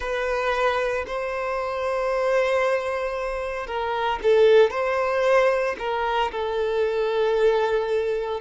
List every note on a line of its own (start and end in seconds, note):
0.00 1.05 B4
1.06 3.66 C5
3.66 4.19 A#4
4.22 4.70 A4
4.70 5.76 C5
5.78 6.31 A#4
6.32 8.40 A4